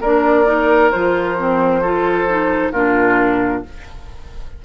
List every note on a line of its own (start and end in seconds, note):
0.00 0.91 A#3
0.00 0.45 D4
0.00 1.81 A#4
0.00 0.91 D5
0.45 0.90 D#4
0.91 2.72 F3
0.91 1.37 F4
0.91 2.72 C5
1.37 1.83 C4
1.81 2.28 F4
1.81 2.72 A4
2.28 2.73 D#4
2.72 3.63 A#2
2.72 3.65 D4
2.72 3.62 F4
2.72 3.63 A#4